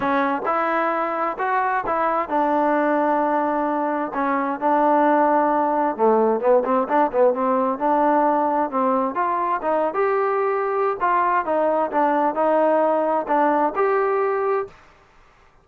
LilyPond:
\new Staff \with { instrumentName = "trombone" } { \time 4/4 \tempo 4 = 131 cis'4 e'2 fis'4 | e'4 d'2.~ | d'4 cis'4 d'2~ | d'4 a4 b8 c'8 d'8 b8 |
c'4 d'2 c'4 | f'4 dis'8. g'2~ g'16 | f'4 dis'4 d'4 dis'4~ | dis'4 d'4 g'2 | }